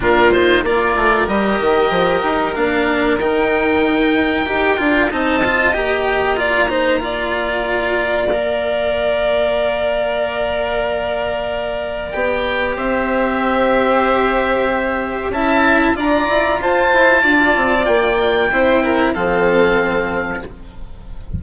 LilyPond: <<
  \new Staff \with { instrumentName = "oboe" } { \time 4/4 \tempo 4 = 94 ais'8 c''8 d''4 dis''2 | f''4 g''2. | a''4 ais''2.~ | ais''4 f''2.~ |
f''2. g''4 | e''1 | a''4 ais''4 a''2 | g''2 f''2 | }
  \new Staff \with { instrumentName = "violin" } { \time 4/4 f'4 ais'2.~ | ais'1 | dis''2 d''8 c''8 d''4~ | d''1~ |
d''1 | c''1 | e''4 d''4 c''4 d''4~ | d''4 c''8 ais'8 a'2 | }
  \new Staff \with { instrumentName = "cello" } { \time 4/4 d'8 dis'8 f'4 g'2 | d'4 dis'2 g'8 f'8 | dis'8 f'8 g'4 f'8 dis'8 f'4~ | f'4 ais'2.~ |
ais'2. g'4~ | g'1 | e'4 f'2.~ | f'4 e'4 c'2 | }
  \new Staff \with { instrumentName = "bassoon" } { \time 4/4 ais,4 ais8 a8 g8 dis8 f8 dis'8 | ais4 dis2 dis'8 d'8 | c'4 ais2.~ | ais1~ |
ais2. b4 | c'1 | cis'4 d'8 e'8 f'8 e'8 d'8 c'8 | ais4 c'4 f2 | }
>>